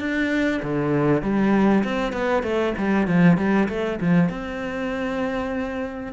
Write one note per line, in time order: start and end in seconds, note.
0.00 0.61 D4
0.63 1.23 D3
1.23 1.84 G3
1.84 2.13 C4
2.13 2.43 B3
2.43 2.74 A3
2.78 3.08 G3
3.08 3.38 F3
3.38 3.68 G3
3.69 4.00 A3
4.01 4.30 F3
4.30 6.13 C4